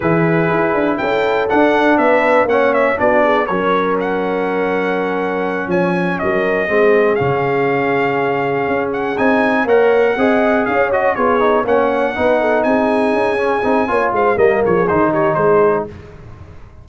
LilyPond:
<<
  \new Staff \with { instrumentName = "trumpet" } { \time 4/4 \tempo 4 = 121 b'2 g''4 fis''4 | e''4 fis''8 e''8 d''4 cis''4 | fis''2.~ fis''8 gis''8~ | gis''8 dis''2 f''4.~ |
f''2 fis''8 gis''4 fis''8~ | fis''4. f''8 dis''8 cis''4 fis''8~ | fis''4. gis''2~ gis''8~ | gis''8 f''8 dis''8 cis''8 c''8 cis''8 c''4 | }
  \new Staff \with { instrumentName = "horn" } { \time 4/4 gis'2 a'2 | b'4 cis''4 fis'8 gis'8 ais'4~ | ais'2.~ ais'8 cis''8~ | cis''8 ais'4 gis'2~ gis'8~ |
gis'2.~ gis'8 cis''8~ | cis''8 dis''4 cis''4 gis'4 cis''8~ | cis''8 b'8 a'8 gis'2~ gis'8 | cis''8 c''8 ais'8 gis'4 g'8 gis'4 | }
  \new Staff \with { instrumentName = "trombone" } { \time 4/4 e'2. d'4~ | d'4 cis'4 d'4 cis'4~ | cis'1~ | cis'4. c'4 cis'4.~ |
cis'2~ cis'8 dis'4 ais'8~ | ais'8 gis'4. fis'8 f'8 dis'8 cis'8~ | cis'8 dis'2~ dis'8 cis'8 dis'8 | f'4 ais4 dis'2 | }
  \new Staff \with { instrumentName = "tuba" } { \time 4/4 e4 e'8 d'8 cis'4 d'4 | b4 ais4 b4 fis4~ | fis2.~ fis8 f8~ | f8 fis4 gis4 cis4.~ |
cis4. cis'4 c'4 ais8~ | ais8 c'4 cis'4 b4 ais8~ | ais8 b4 c'4 cis'4 c'8 | ais8 gis8 g8 f8 dis4 gis4 | }
>>